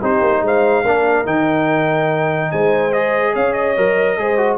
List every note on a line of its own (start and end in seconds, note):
0.00 0.21 C4
0.00 0.85 D#4
0.00 0.42 G4
0.00 0.45 C5
0.21 0.42 A#3
0.42 0.84 G#3
0.42 0.83 C5
0.42 1.27 F5
0.83 1.25 A#3
0.83 1.25 D4
0.83 2.50 A#4
1.25 2.50 D#3
1.25 2.92 D#4
1.25 2.51 G5
2.51 3.35 G#3
2.51 3.32 C5
2.51 2.92 G#5
2.92 3.76 G#4
2.92 3.34 D#5
3.32 3.77 C#4
3.32 4.16 C#5
3.32 3.53 F5
3.53 4.57 D#5
3.77 4.18 F#3
3.77 4.18 A#4
4.18 4.58 G#3
4.18 4.37 G#4
4.18 4.58 C5
4.37 4.58 F#4